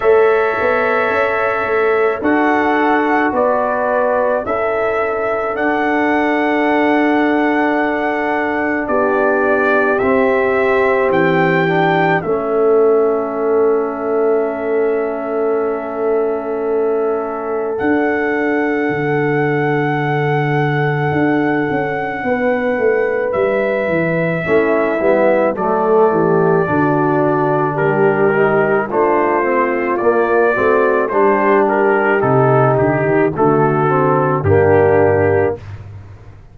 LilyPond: <<
  \new Staff \with { instrumentName = "trumpet" } { \time 4/4 \tempo 4 = 54 e''2 fis''4 d''4 | e''4 fis''2. | d''4 e''4 g''4 e''4~ | e''1 |
fis''1~ | fis''4 e''2 d''4~ | d''4 ais'4 c''4 d''4 | c''8 ais'8 a'8 g'8 a'4 g'4 | }
  \new Staff \with { instrumentName = "horn" } { \time 4/4 cis''2 a'4 b'4 | a'1 | g'2. a'4~ | a'1~ |
a'1 | b'2 e'4 a'8 g'8 | fis'4 g'4 f'4. fis'8 | g'2 fis'4 d'4 | }
  \new Staff \with { instrumentName = "trombone" } { \time 4/4 a'2 fis'2 | e'4 d'2.~ | d'4 c'4. d'8 cis'4~ | cis'1 |
d'1~ | d'2 cis'8 b8 a4 | d'4. dis'8 d'8 c'8 ais8 c'8 | d'4 dis'4 a8 c'8 ais4 | }
  \new Staff \with { instrumentName = "tuba" } { \time 4/4 a8 b8 cis'8 a8 d'4 b4 | cis'4 d'2. | b4 c'4 e4 a4~ | a1 |
d'4 d2 d'8 cis'8 | b8 a8 g8 e8 a8 g8 fis8 e8 | d4 g4 a4 ais8 a8 | g4 c8 d16 dis16 d4 g,4 | }
>>